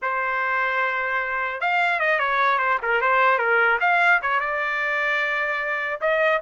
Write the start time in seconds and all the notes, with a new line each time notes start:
0.02 C5
1.60 F5
1.99 D#5
2.19 C#5
2.58 C5
2.82 A#4
3.01 C5
3.38 A#4
3.80 F5
4.22 C#5
4.39 D5
6.00 D#5